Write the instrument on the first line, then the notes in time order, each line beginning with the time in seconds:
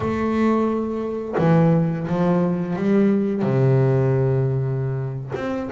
double bass
0.00 A3
1.38 E3
2.07 F3
2.76 G3
3.42 C3
5.35 C4